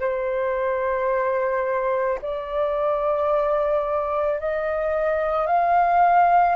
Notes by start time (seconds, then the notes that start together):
0.00 C5
2.22 D5
4.40 D#5
5.47 F5